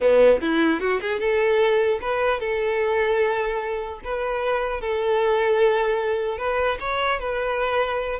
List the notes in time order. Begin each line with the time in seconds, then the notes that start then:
0.00 B3
0.41 E4
0.80 F#4
1.01 G#4
1.19 A4
2.01 B4
2.40 A4
4.03 B4
4.80 A4
6.38 B4
6.80 C#5
7.19 B4